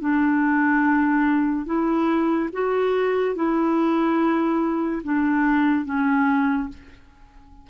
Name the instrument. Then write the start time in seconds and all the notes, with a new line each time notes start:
clarinet
0.00 D4
1.66 E4
2.52 F#4
3.35 E4
5.03 D4
5.85 C#4